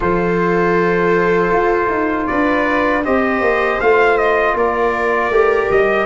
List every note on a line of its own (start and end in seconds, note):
0.00 1.51 F3
0.00 3.03 F4
0.00 2.27 A4
0.00 2.26 C5
1.51 1.89 F4
1.89 2.27 D#4
2.26 3.06 D4
2.26 3.03 B4
2.26 3.02 D5
3.03 3.41 C4
3.03 3.80 G4
3.03 4.55 C5
3.03 3.80 D#5
3.41 3.79 A#3
3.80 4.54 A3
3.80 5.32 F4
3.80 4.17 F5
4.17 4.55 D#5
4.54 5.30 A#3
4.54 6.06 A#4
4.54 5.71 D5
5.30 5.68 A3
5.30 6.06 G4
5.70 6.06 G3
5.70 6.06 D#5